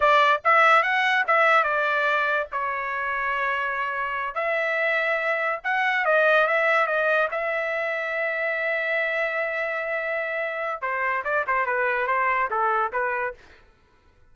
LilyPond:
\new Staff \with { instrumentName = "trumpet" } { \time 4/4 \tempo 4 = 144 d''4 e''4 fis''4 e''4 | d''2 cis''2~ | cis''2~ cis''8 e''4.~ | e''4. fis''4 dis''4 e''8~ |
e''8 dis''4 e''2~ e''8~ | e''1~ | e''2 c''4 d''8 c''8 | b'4 c''4 a'4 b'4 | }